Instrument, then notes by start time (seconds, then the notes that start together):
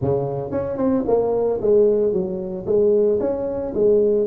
tuba
0.01 C#3
0.51 C#4
0.77 C4
1.07 A#3
1.61 G#3
2.12 F#3
2.65 G#3
3.20 C#4
3.74 G#3